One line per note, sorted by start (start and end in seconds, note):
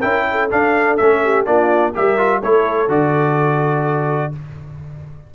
0.00 0.52 C#4
0.00 0.50 E4
0.00 0.24 A#4
0.00 0.49 G5
0.32 1.24 A4
0.51 0.99 D4
0.51 1.00 D4
0.51 0.97 F5
0.97 1.46 A3
0.97 1.46 C#4
0.97 1.45 E5
1.24 1.47 G4
1.46 1.94 A#3
1.46 1.94 D4
1.46 1.94 F4
1.46 1.94 D5
1.94 2.43 G3
1.94 2.18 G4
1.94 2.41 A#4
1.94 2.43 E5
2.18 2.42 F4
2.41 2.88 A3
2.41 2.89 E4
2.41 4.33 A4
2.41 2.91 C#5
2.88 4.32 D3
2.88 4.33 F#4
2.88 4.35 D5